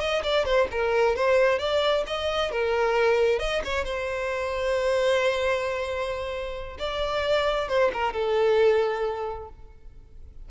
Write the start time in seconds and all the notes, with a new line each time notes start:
0.00 D#5
0.23 D5
0.45 C5
0.71 A#4
1.16 C5
1.59 D5
2.07 D#5
2.51 A#4
3.39 D#5
3.65 C#5
3.85 C5
6.79 D5
7.69 C5
7.94 A#4
8.14 A4